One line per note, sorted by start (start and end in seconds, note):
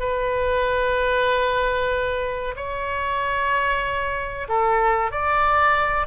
0.00 2.55 B4
2.56 4.48 C#5
4.49 5.12 A4
5.12 6.07 D5